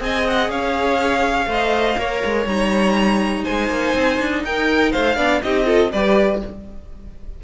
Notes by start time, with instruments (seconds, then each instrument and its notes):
0.00 cello C4, viola G#4, violin D#5 G#5
0.27 violin F#5
0.49 cello C#4, violin C#5 F5
1.46 cello A3, viola C5, violin D#5
1.97 cello A#3, viola A#4, violin C#5
2.25 cello G#3
2.45 cello G3, viola D#4, violin A#5
3.44 cello G#3, violin C5 G#5
3.69 cello A#3
3.94 cello C4
4.20 cello D4
4.44 cello D#4, violin A#4 G5
4.92 cello A3, violin C5 F5
5.16 cello B3, viola D4, violin D5
5.42 cello C4, viola D#4, violin G4 D#5
5.65 viola F4, violin A4
5.92 cello G3, viola G4, violin B4 D5